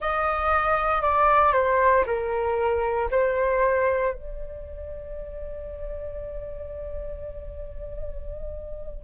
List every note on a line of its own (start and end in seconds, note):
0.00 1.01 D#5
1.01 1.52 D5
1.52 2.04 C5
2.06 3.09 A#4
3.10 4.14 C5
4.14 9.04 D5